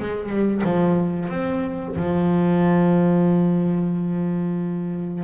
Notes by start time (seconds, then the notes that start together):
0.00 G#3
0.29 G3
0.64 F3
1.29 C4
1.96 F3